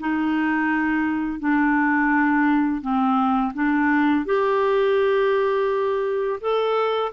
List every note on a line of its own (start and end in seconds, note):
0.00 1.40 D#4
1.40 2.81 D4
2.81 3.53 C4
3.54 4.26 D4
4.26 6.40 G4
6.41 7.12 A4